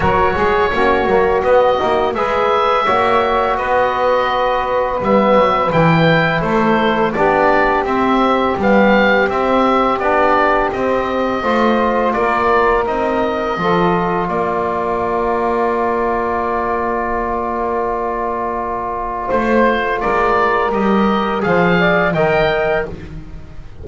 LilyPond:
<<
  \new Staff \with { instrumentName = "oboe" } { \time 4/4 \tempo 4 = 84 cis''2 dis''4 e''4~ | e''4 dis''2 e''4 | g''4 c''4 d''4 e''4 | f''4 e''4 d''4 dis''4~ |
dis''4 d''4 dis''2 | d''1~ | d''2. c''4 | d''4 dis''4 f''4 g''4 | }
  \new Staff \with { instrumentName = "saxophone" } { \time 4/4 ais'8 gis'8 fis'2 b'4 | cis''4 b'2.~ | b'4 a'4 g'2~ | g'1 |
c''4 ais'2 a'4 | ais'1~ | ais'2. c''4 | ais'2 c''8 d''8 dis''4 | }
  \new Staff \with { instrumentName = "trombone" } { \time 4/4 fis'4 cis'8 ais8 b8 dis'8 gis'4 | fis'2. b4 | e'2 d'4 c'4 | b4 c'4 d'4 c'4 |
f'2 dis'4 f'4~ | f'1~ | f'1~ | f'4 g'4 gis'4 ais'4 | }
  \new Staff \with { instrumentName = "double bass" } { \time 4/4 fis8 gis8 ais8 fis8 b8 ais8 gis4 | ais4 b2 g8 fis8 | e4 a4 b4 c'4 | g4 c'4 b4 c'4 |
a4 ais4 c'4 f4 | ais1~ | ais2. a4 | gis4 g4 f4 dis4 | }
>>